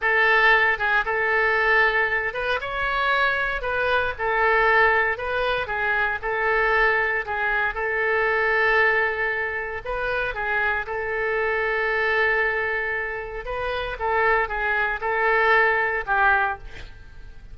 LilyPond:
\new Staff \with { instrumentName = "oboe" } { \time 4/4 \tempo 4 = 116 a'4. gis'8 a'2~ | a'8 b'8 cis''2 b'4 | a'2 b'4 gis'4 | a'2 gis'4 a'4~ |
a'2. b'4 | gis'4 a'2.~ | a'2 b'4 a'4 | gis'4 a'2 g'4 | }